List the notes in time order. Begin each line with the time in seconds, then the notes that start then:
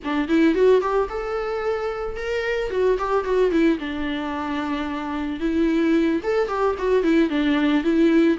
0.03 D4
0.28 E4
0.55 F#4
0.81 G4
1.09 A4
2.16 A#4
2.70 F#4
2.98 G4
3.24 F#4
3.51 E4
3.79 D4
5.40 E4
6.23 A4
6.48 G4
6.78 F#4
7.03 E4
7.29 D4
7.83 E4